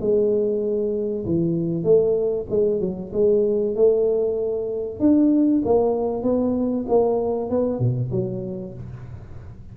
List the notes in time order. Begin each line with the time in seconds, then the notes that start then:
0.00 G#3
1.25 E3
1.84 A3
2.50 G#3
2.80 F#3
3.13 G#3
3.75 A3
4.99 D4
5.64 A#3
6.23 B3
6.88 A#3
7.50 B3
7.79 B2
8.11 F#3